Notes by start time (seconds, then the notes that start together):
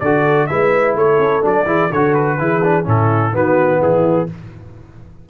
0.00 D3 F#4 A4 D5
0.47 G#3 E4 B4 E5
0.95 A3 A4 C#5
1.19 C#4
1.42 F#3 D4 D5
1.66 E3 E4 G#4
1.92 D3 F#4 A4 C#5
2.14 B4
2.39 E3 E4 G#4
2.63 D4
2.85 A2 C#4 E4 A4
3.32 D#3 B3 F#4 B4
3.80 E3 E4 G#4